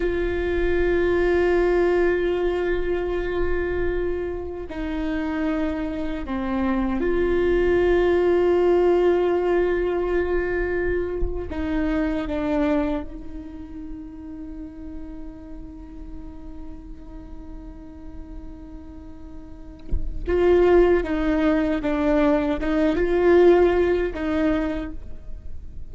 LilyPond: \new Staff \with { instrumentName = "viola" } { \time 4/4 \tempo 4 = 77 f'1~ | f'2 dis'2 | c'4 f'2.~ | f'2~ f'8. dis'4 d'16~ |
d'8. dis'2.~ dis'16~ | dis'1~ | dis'2 f'4 dis'4 | d'4 dis'8 f'4. dis'4 | }